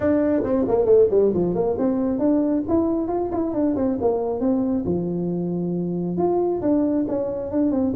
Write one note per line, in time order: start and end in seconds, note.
0.00 0.43 D4
0.43 0.65 C4
0.67 0.85 A#3
0.85 1.07 A3
1.10 1.32 G3
1.33 1.54 F3
1.54 1.76 A#3
1.78 2.18 C4
2.18 2.62 D4
2.68 3.07 E4
3.07 3.29 F4
3.31 3.53 E4
3.53 3.75 D4
3.76 3.98 C4
4.01 4.40 A#3
4.40 4.84 C4
4.85 6.17 F3
6.17 6.61 F4
6.61 7.05 D4
7.08 7.51 C#4
7.51 7.71 D4
7.71 7.93 C4